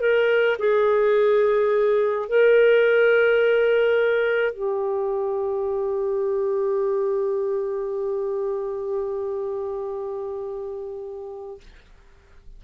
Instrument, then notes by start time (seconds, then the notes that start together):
clarinet
0.00 A#4
0.59 G#4
2.28 A#4
4.53 G4